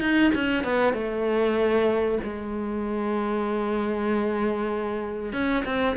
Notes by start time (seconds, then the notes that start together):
0.00 D#4
0.34 C#4
0.64 B3
0.93 A3
2.23 G#3
5.33 C#4
5.65 C4